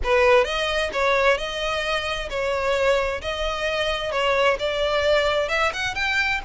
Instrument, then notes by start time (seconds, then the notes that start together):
violin
0.03 B4
0.44 D#5
0.93 C#5
1.37 D#5
2.29 C#5
3.21 D#5
4.11 C#5
4.59 D5
5.49 E5
5.73 F#5
5.95 G5